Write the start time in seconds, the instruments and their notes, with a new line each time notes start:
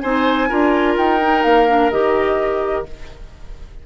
0.00 bassoon C4, clarinet D#4, oboe C5, flute G#5
0.49 bassoon D4, clarinet F4, oboe A#4
0.97 bassoon D#4, flute G5
1.20 clarinet D#4
1.43 bassoon A#3, flute F5
1.68 clarinet D4
1.91 bassoon D#3, clarinet G4, flute D#5